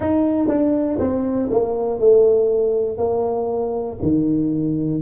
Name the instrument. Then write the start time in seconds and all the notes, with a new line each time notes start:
tuba
0.00 D#4
0.48 D4
0.99 C4
1.50 A#3
2.00 A3
2.97 A#3
4.01 D#3